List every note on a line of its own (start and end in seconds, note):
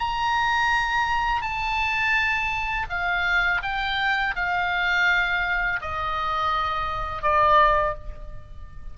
0.00 1.42 A#5
1.42 2.87 A5
2.90 3.62 F5
3.63 4.35 G5
4.36 5.81 F5
5.82 7.23 D#5
7.23 7.95 D5